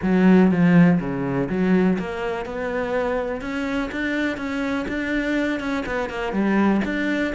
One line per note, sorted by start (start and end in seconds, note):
0.02 0.51 F#3
0.51 0.99 F3
1.00 1.49 C#3
1.49 1.98 F#3
1.98 2.45 A#3
2.45 3.41 B3
3.41 3.90 C#4
3.91 4.37 D4
4.37 4.86 C#4
4.88 5.60 D4
5.60 5.84 C#4
5.85 6.09 B3
6.09 6.32 A#3
6.32 6.81 G3
6.84 7.33 D4